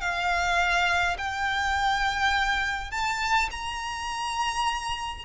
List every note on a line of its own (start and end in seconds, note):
0.00 1.17 F5
1.18 2.90 G5
2.90 3.49 A5
3.51 5.25 A#5